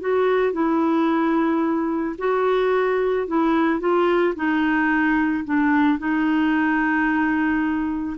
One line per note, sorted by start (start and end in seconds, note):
0.00 0.52 F#4
0.52 2.16 E4
2.18 3.27 F#4
3.27 3.79 E4
3.79 4.34 F4
4.35 5.44 D#4
5.44 5.98 D4
5.98 8.16 D#4